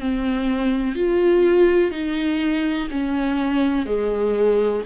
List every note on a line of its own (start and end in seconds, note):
0.00 0.95 C4
0.95 1.91 F4
1.91 2.88 D#4
2.91 3.86 C#4
3.86 4.83 G#3